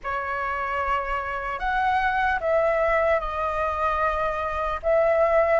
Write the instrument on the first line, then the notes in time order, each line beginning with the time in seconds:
flute
0.03 C#5
1.59 F#5
2.40 E5
3.20 D#5
4.82 E5